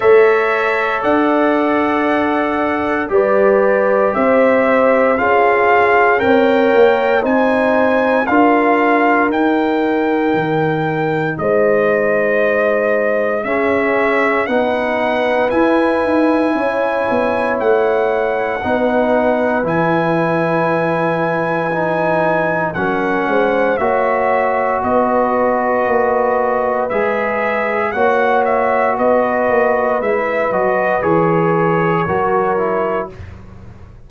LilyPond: <<
  \new Staff \with { instrumentName = "trumpet" } { \time 4/4 \tempo 4 = 58 e''4 fis''2 d''4 | e''4 f''4 g''4 gis''4 | f''4 g''2 dis''4~ | dis''4 e''4 fis''4 gis''4~ |
gis''4 fis''2 gis''4~ | gis''2 fis''4 e''4 | dis''2 e''4 fis''8 e''8 | dis''4 e''8 dis''8 cis''2 | }
  \new Staff \with { instrumentName = "horn" } { \time 4/4 cis''4 d''2 b'4 | c''4 gis'4 cis''4 c''4 | ais'2. c''4~ | c''4 gis'4 b'2 |
cis''2 b'2~ | b'2 ais'8 c''8 cis''4 | b'2. cis''4 | b'2. ais'4 | }
  \new Staff \with { instrumentName = "trombone" } { \time 4/4 a'2. g'4~ | g'4 f'4 ais'4 dis'4 | f'4 dis'2.~ | dis'4 cis'4 dis'4 e'4~ |
e'2 dis'4 e'4~ | e'4 dis'4 cis'4 fis'4~ | fis'2 gis'4 fis'4~ | fis'4 e'8 fis'8 gis'4 fis'8 e'8 | }
  \new Staff \with { instrumentName = "tuba" } { \time 4/4 a4 d'2 g4 | c'4 cis'4 c'8 ais8 c'4 | d'4 dis'4 dis4 gis4~ | gis4 cis'4 b4 e'8 dis'8 |
cis'8 b8 a4 b4 e4~ | e2 fis8 gis8 ais4 | b4 ais4 gis4 ais4 | b8 ais8 gis8 fis8 e4 fis4 | }
>>